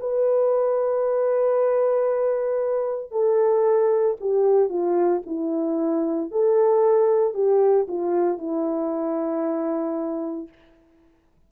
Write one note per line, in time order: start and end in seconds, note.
0.00 3.11 B4
3.11 4.16 A4
4.20 4.69 G4
4.69 5.22 F4
5.26 6.31 E4
6.31 7.34 A4
7.34 7.87 G4
7.88 8.38 F4
8.38 10.48 E4